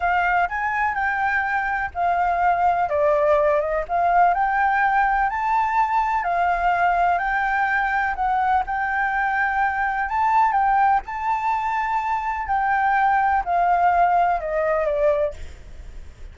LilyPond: \new Staff \with { instrumentName = "flute" } { \time 4/4 \tempo 4 = 125 f''4 gis''4 g''2 | f''2 d''4. dis''8 | f''4 g''2 a''4~ | a''4 f''2 g''4~ |
g''4 fis''4 g''2~ | g''4 a''4 g''4 a''4~ | a''2 g''2 | f''2 dis''4 d''4 | }